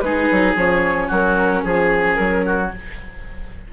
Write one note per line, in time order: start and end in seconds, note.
0.00 0.29 G#3
0.00 0.57 D#4
0.00 1.08 G#4
0.00 0.54 B4
0.31 0.56 F#3
0.56 1.09 F3
0.56 2.71 C#4
0.56 1.11 C#5
1.08 1.65 F#3
1.08 1.62 F#4
1.08 1.64 A#4
1.64 2.19 F3
1.64 2.15 G#4
1.64 2.46 G#4
2.15 2.73 F#3
2.15 2.68 A#4
2.46 2.73 F#4